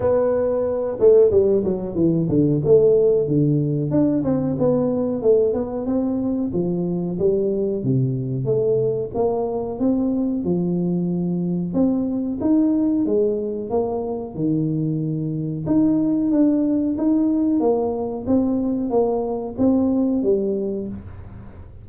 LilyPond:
\new Staff \with { instrumentName = "tuba" } { \time 4/4 \tempo 4 = 92 b4. a8 g8 fis8 e8 d8 | a4 d4 d'8 c'8 b4 | a8 b8 c'4 f4 g4 | c4 a4 ais4 c'4 |
f2 c'4 dis'4 | gis4 ais4 dis2 | dis'4 d'4 dis'4 ais4 | c'4 ais4 c'4 g4 | }